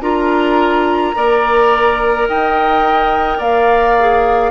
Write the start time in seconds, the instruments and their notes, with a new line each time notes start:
0.00 bassoon D4, clarinet F4, oboe A#4, flute A#5
1.14 bassoon A#3, clarinet A#4, oboe D5
2.28 bassoon D#4, oboe D#5, flute G5
3.37 bassoon A#3, oboe D5, flute F5
3.99 clarinet G#4